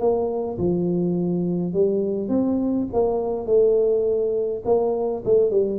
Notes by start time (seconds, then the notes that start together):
0.00 A#3
0.59 F3
1.73 G3
2.29 C4
2.93 A#3
3.47 A3
4.65 A#3
5.25 A3
5.51 G3